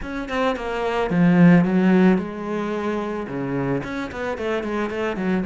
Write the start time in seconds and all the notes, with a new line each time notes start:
0.01 C#4
0.29 C4
0.56 A#3
1.10 F3
1.64 F#3
2.17 G#3
3.27 C#3
3.83 C#4
4.11 B3
4.37 A3
4.63 G#3
4.90 A3
5.16 F#3